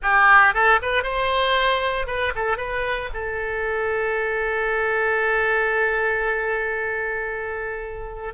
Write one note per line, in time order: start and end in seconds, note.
0.02 0.54 G4
0.54 0.80 A4
0.82 1.03 B4
1.03 2.06 C5
2.06 2.32 B4
2.35 2.57 A4
2.57 3.09 B4
3.13 8.34 A4